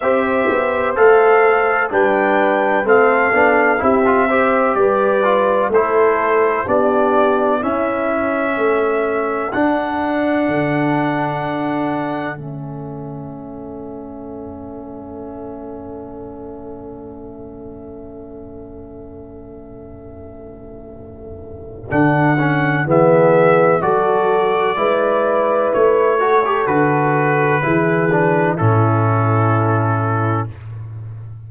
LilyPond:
<<
  \new Staff \with { instrumentName = "trumpet" } { \time 4/4 \tempo 4 = 63 e''4 f''4 g''4 f''4 | e''4 d''4 c''4 d''4 | e''2 fis''2~ | fis''4 e''2.~ |
e''1~ | e''2. fis''4 | e''4 d''2 cis''4 | b'2 a'2 | }
  \new Staff \with { instrumentName = "horn" } { \time 4/4 c''2 b'4 a'4 | g'8 c''8 b'4 a'4 g'4 | e'4 a'2.~ | a'1~ |
a'1~ | a'1 | gis'4 a'4 b'4. a'8~ | a'4 gis'4 e'2 | }
  \new Staff \with { instrumentName = "trombone" } { \time 4/4 g'4 a'4 d'4 c'8 d'8 | e'16 f'16 g'4 f'8 e'4 d'4 | cis'2 d'2~ | d'4 cis'2.~ |
cis'1~ | cis'2. d'8 cis'8 | b4 fis'4 e'4. fis'16 g'16 | fis'4 e'8 d'8 cis'2 | }
  \new Staff \with { instrumentName = "tuba" } { \time 4/4 c'8 b8 a4 g4 a8 b8 | c'4 g4 a4 b4 | cis'4 a4 d'4 d4~ | d4 a2.~ |
a1~ | a2. d4 | e4 fis4 gis4 a4 | d4 e4 a,2 | }
>>